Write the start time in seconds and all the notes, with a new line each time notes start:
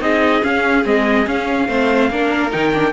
0.00 C4 D#4 G#4 D#5
0.42 C#4 F5
0.84 G#3 C4 D#5
1.26 C#4 F5
1.68 A3 C4 C5
2.10 A#3 D4 A#4
2.51 D#3 D#4 G5
2.73 D4